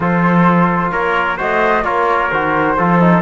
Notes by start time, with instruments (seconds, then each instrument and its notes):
0.00 cello F3, trombone F4, trumpet A4, flute C5
0.91 cello A#3, trumpet A#4, flute C#5
1.37 cello A3, trombone F#4, trumpet C5, flute D#5
1.83 cello A#3, trombone F4, trumpet A#4, flute C#5
2.30 cello D#3, trombone F#4, flute C5
2.77 cello F3, trombone F4, trumpet A4
3.00 trombone D#4